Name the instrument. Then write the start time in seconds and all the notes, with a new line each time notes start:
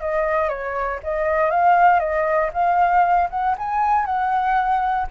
flute
0.00 D#5
0.49 C#5
1.03 D#5
1.50 F5
1.99 D#5
2.53 F5
3.30 F#5
3.58 G#5
4.05 F#5